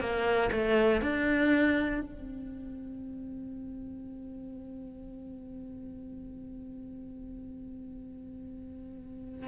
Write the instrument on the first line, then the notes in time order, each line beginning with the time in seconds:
cello
0.00 A#3
0.51 A3
1.01 D4
2.00 C4